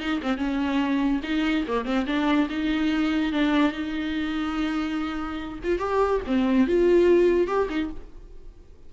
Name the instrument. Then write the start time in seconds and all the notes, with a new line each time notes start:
viola
0.00 D#4
0.22 C4
0.37 C#4
1.23 D#4
1.68 A#3
1.85 C4
2.06 D4
2.49 D#4
3.32 D4
3.72 D#4
5.63 F4
5.79 G4
6.27 C4
6.67 F4
7.47 G4
7.69 D#4